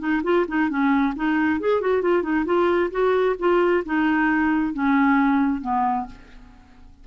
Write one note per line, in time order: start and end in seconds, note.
0.00 0.22 D#4
0.24 0.46 F4
0.48 0.70 D#4
0.70 1.14 C#4
1.16 1.61 D#4
1.61 1.81 G#4
1.81 2.03 F#4
2.03 2.23 F4
2.23 2.45 D#4
2.46 2.91 F4
2.91 3.36 F#4
3.39 3.84 F4
3.86 4.74 D#4
4.74 5.62 C#4
5.62 6.07 B3